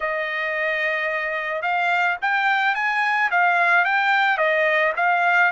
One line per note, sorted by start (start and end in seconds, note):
0.00 1.61 D#5
1.61 2.16 F5
2.21 2.74 G5
2.74 3.30 G#5
3.31 3.84 F5
3.84 4.37 G5
4.37 4.92 D#5
4.96 5.51 F5